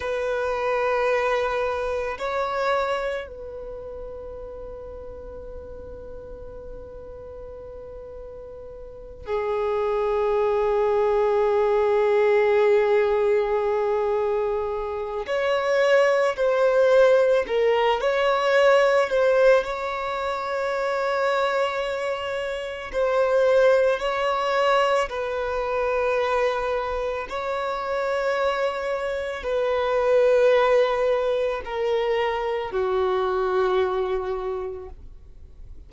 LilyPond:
\new Staff \with { instrumentName = "violin" } { \time 4/4 \tempo 4 = 55 b'2 cis''4 b'4~ | b'1~ | b'8 gis'2.~ gis'8~ | gis'2 cis''4 c''4 |
ais'8 cis''4 c''8 cis''2~ | cis''4 c''4 cis''4 b'4~ | b'4 cis''2 b'4~ | b'4 ais'4 fis'2 | }